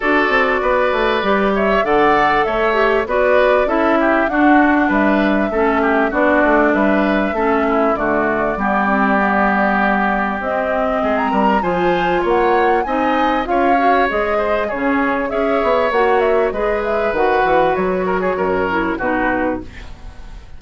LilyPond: <<
  \new Staff \with { instrumentName = "flute" } { \time 4/4 \tempo 4 = 98 d''2~ d''8 e''8 fis''4 | e''4 d''4 e''4 fis''4 | e''2 d''4 e''4~ | e''4 d''2.~ |
d''4 dis''4~ dis''16 ais''8. gis''4 | fis''4 gis''4 f''4 dis''4 | cis''4 e''4 fis''8 e''8 dis''8 e''8 | fis''4 cis''2 b'4 | }
  \new Staff \with { instrumentName = "oboe" } { \time 4/4 a'4 b'4. cis''8 d''4 | cis''4 b'4 a'8 g'8 fis'4 | b'4 a'8 g'8 fis'4 b'4 | a'8 e'8 fis'4 g'2~ |
g'2 gis'8 ais'8 c''4 | cis''4 dis''4 cis''4. c''8 | gis'4 cis''2 b'4~ | b'4. ais'16 gis'16 ais'4 fis'4 | }
  \new Staff \with { instrumentName = "clarinet" } { \time 4/4 fis'2 g'4 a'4~ | a'8 g'8 fis'4 e'4 d'4~ | d'4 cis'4 d'2 | cis'4 a4 b8 c'8 b4~ |
b4 c'2 f'4~ | f'4 dis'4 f'8 fis'8 gis'4 | cis'4 gis'4 fis'4 gis'4 | fis'2~ fis'8 e'8 dis'4 | }
  \new Staff \with { instrumentName = "bassoon" } { \time 4/4 d'8 c'8 b8 a8 g4 d4 | a4 b4 cis'4 d'4 | g4 a4 b8 a8 g4 | a4 d4 g2~ |
g4 c'4 gis8 g8 f4 | ais4 c'4 cis'4 gis4 | cis4 cis'8 b8 ais4 gis4 | dis8 e8 fis4 fis,4 b,4 | }
>>